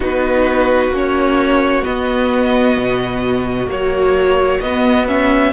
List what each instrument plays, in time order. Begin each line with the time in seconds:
0.00 cello B3, viola D#4, violin F#4 B4
0.89 cello A#3, viola C#4
0.97 violin C#5
1.83 viola B3, cello B3, violin D#5
2.77 cello B2
3.67 viola F#3, cello A#3, violin C#5
4.60 cello B3, viola B3, violin D#5
5.07 viola C#4, violin E5